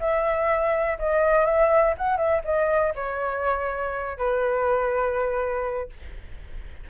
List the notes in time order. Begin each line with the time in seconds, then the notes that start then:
0.00 E5
0.99 D#5
1.46 E5
1.98 F#5
2.17 E5
2.45 D#5
2.95 C#5
4.18 B4